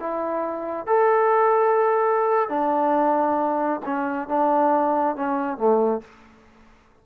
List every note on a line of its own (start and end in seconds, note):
0.00 0.87 E4
0.87 2.49 A4
2.49 3.81 D4
3.86 4.29 C#4
4.29 5.16 D4
5.16 5.58 C#4
5.58 6.01 A3